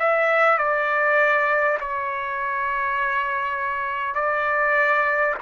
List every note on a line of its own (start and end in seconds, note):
0.00 0.59 E5
0.59 1.79 D5
1.81 4.16 C#5
4.16 5.36 D5